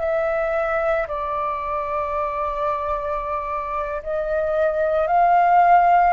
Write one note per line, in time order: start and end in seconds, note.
0.00 1.07 E5
1.08 4.03 D5
4.03 5.07 D#5
5.07 6.14 F5